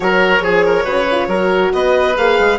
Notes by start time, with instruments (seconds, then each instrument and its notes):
0.00 bassoon F#3, horn F#4, oboe A#4, violin C#5
0.40 bassoon F3, horn G#4, oboe G#4
0.66 oboe A#4
0.84 bassoon C#3, horn F#4, oboe B4
1.10 horn F4
1.27 bassoon F#3, horn F#4, oboe A#4
1.73 bassoon B3, oboe B4, violin D#5
2.16 bassoon A#3, horn G#4, violin F5
2.39 bassoon G#3